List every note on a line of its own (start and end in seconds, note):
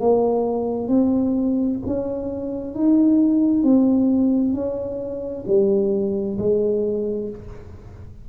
0.00 0.88 A#3
0.88 1.79 C4
1.86 2.75 C#4
2.75 3.64 D#4
3.64 4.54 C4
4.54 5.45 C#4
5.48 6.38 G3
6.39 7.30 G#3